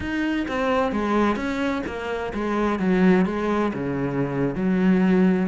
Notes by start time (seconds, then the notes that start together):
0.00 D#4
0.48 C4
0.92 G#3
1.36 C#4
1.86 A#3
2.34 G#3
2.79 F#3
3.25 G#3
3.73 C#3
4.55 F#3